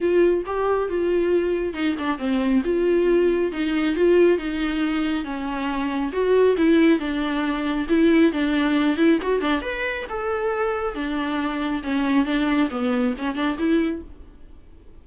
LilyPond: \new Staff \with { instrumentName = "viola" } { \time 4/4 \tempo 4 = 137 f'4 g'4 f'2 | dis'8 d'8 c'4 f'2 | dis'4 f'4 dis'2 | cis'2 fis'4 e'4 |
d'2 e'4 d'4~ | d'8 e'8 fis'8 d'8 b'4 a'4~ | a'4 d'2 cis'4 | d'4 b4 cis'8 d'8 e'4 | }